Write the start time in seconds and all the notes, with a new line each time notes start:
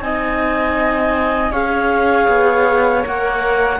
0.00 C4 D#4 D#5 G#5
1.51 C#4 G#4 C#5 F5
2.28 B3
3.01 A#3 A#4 F#5